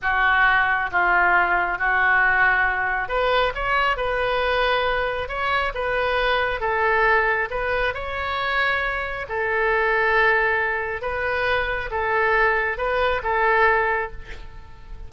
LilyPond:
\new Staff \with { instrumentName = "oboe" } { \time 4/4 \tempo 4 = 136 fis'2 f'2 | fis'2. b'4 | cis''4 b'2. | cis''4 b'2 a'4~ |
a'4 b'4 cis''2~ | cis''4 a'2.~ | a'4 b'2 a'4~ | a'4 b'4 a'2 | }